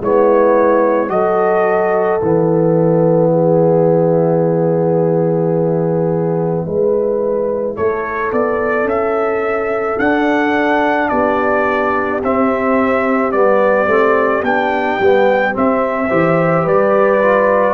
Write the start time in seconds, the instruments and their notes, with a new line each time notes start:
0.00 tuba G#3, trombone B3, horn E4, trumpet C#5
1.08 tuba F#3, trombone F#4, horn A4, trumpet D#5
2.21 tuba E3, trombone B3, trumpet E5
3.32 horn G#4
6.66 tuba G#3, trombone E4, horn B4
7.76 tuba A3, horn A4, trumpet C#5
8.32 tuba B3, trumpet D5
8.84 tuba C#4, trumpet E5
9.99 tuba D4, trombone D4, trumpet F#5
11.09 tuba B3, horn G4, trumpet D5
12.23 tuba C4, trombone C4, trumpet E5
13.32 tuba G3, trombone B3, trumpet D5
13.87 tuba A3, trombone C4
14.42 tuba B3, trombone D4, trumpet G5
15.00 tuba G3, trombone B3
15.53 trombone C4, tuba C4, trumpet E5
16.08 tuba E3, trombone G4, horn C5
16.64 tuba G3, horn B4, trumpet D5
17.22 trombone F4